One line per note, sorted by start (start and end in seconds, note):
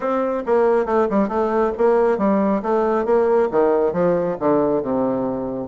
0.00 0.43 C4
0.46 0.85 A#3
0.85 1.07 A3
1.10 1.28 G3
1.28 1.72 A3
1.77 2.18 A#3
2.18 2.61 G3
2.62 3.05 A3
3.05 3.48 A#3
3.51 3.93 D#3
3.93 4.36 F3
4.39 4.82 D3
4.82 5.67 C3